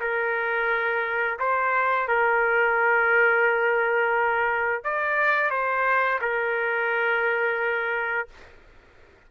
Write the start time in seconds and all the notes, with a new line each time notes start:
0.00 A#4
1.39 C5
2.08 A#4
4.84 D5
5.50 C5
6.21 A#4